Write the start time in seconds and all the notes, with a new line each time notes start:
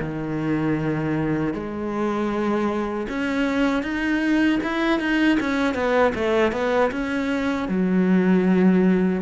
0.00 D#3
1.53 G#3
3.09 C#4
3.83 D#4
4.63 E4
5.00 D#4
5.40 C#4
5.74 B3
6.15 A3
6.52 B3
6.91 C#4
7.69 F#3